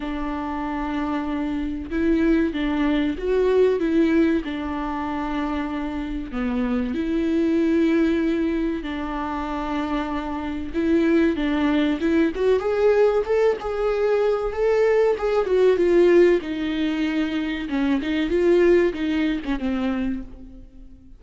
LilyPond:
\new Staff \with { instrumentName = "viola" } { \time 4/4 \tempo 4 = 95 d'2. e'4 | d'4 fis'4 e'4 d'4~ | d'2 b4 e'4~ | e'2 d'2~ |
d'4 e'4 d'4 e'8 fis'8 | gis'4 a'8 gis'4. a'4 | gis'8 fis'8 f'4 dis'2 | cis'8 dis'8 f'4 dis'8. cis'16 c'4 | }